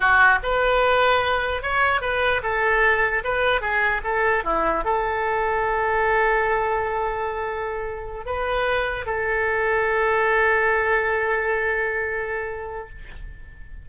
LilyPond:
\new Staff \with { instrumentName = "oboe" } { \time 4/4 \tempo 4 = 149 fis'4 b'2. | cis''4 b'4 a'2 | b'4 gis'4 a'4 e'4 | a'1~ |
a'1~ | a'8 b'2 a'4.~ | a'1~ | a'1 | }